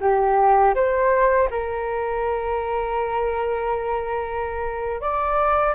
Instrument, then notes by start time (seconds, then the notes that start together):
flute
0.00 G4
0.74 C5
1.50 A#4
5.00 D5